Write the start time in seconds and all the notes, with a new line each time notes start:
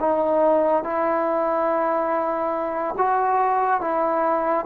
0.00 D#4
0.84 E4
2.98 F#4
3.81 E4